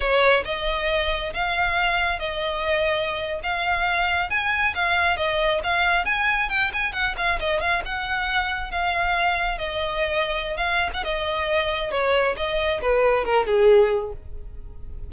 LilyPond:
\new Staff \with { instrumentName = "violin" } { \time 4/4 \tempo 4 = 136 cis''4 dis''2 f''4~ | f''4 dis''2~ dis''8. f''16~ | f''4.~ f''16 gis''4 f''4 dis''16~ | dis''8. f''4 gis''4 g''8 gis''8 fis''16~ |
fis''16 f''8 dis''8 f''8 fis''2 f''16~ | f''4.~ f''16 dis''2~ dis''16 | f''8. fis''16 dis''2 cis''4 | dis''4 b'4 ais'8 gis'4. | }